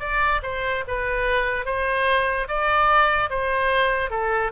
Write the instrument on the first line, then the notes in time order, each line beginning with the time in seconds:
oboe
0.00 D5
0.43 C5
0.87 B4
1.66 C5
2.48 D5
3.30 C5
4.10 A4